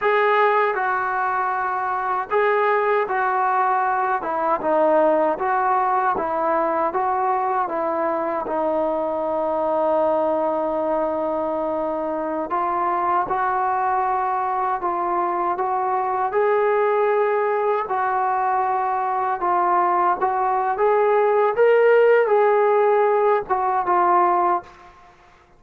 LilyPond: \new Staff \with { instrumentName = "trombone" } { \time 4/4 \tempo 4 = 78 gis'4 fis'2 gis'4 | fis'4. e'8 dis'4 fis'4 | e'4 fis'4 e'4 dis'4~ | dis'1~ |
dis'16 f'4 fis'2 f'8.~ | f'16 fis'4 gis'2 fis'8.~ | fis'4~ fis'16 f'4 fis'8. gis'4 | ais'4 gis'4. fis'8 f'4 | }